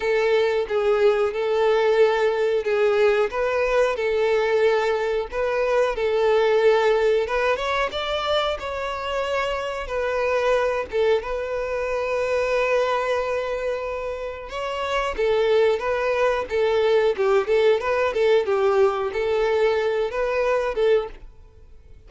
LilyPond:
\new Staff \with { instrumentName = "violin" } { \time 4/4 \tempo 4 = 91 a'4 gis'4 a'2 | gis'4 b'4 a'2 | b'4 a'2 b'8 cis''8 | d''4 cis''2 b'4~ |
b'8 a'8 b'2.~ | b'2 cis''4 a'4 | b'4 a'4 g'8 a'8 b'8 a'8 | g'4 a'4. b'4 a'8 | }